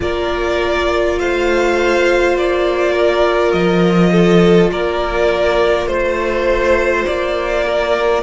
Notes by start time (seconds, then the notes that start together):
0.00 A#3 F4 A#4 D5
1.18 A3 C5 F5
2.35 A#3 D5
2.92 A#4
3.52 F3 D#5
4.12 A4
4.71 A#3 A#4 D5
5.86 A3 C5
7.05 A#3 D5
7.65 A#4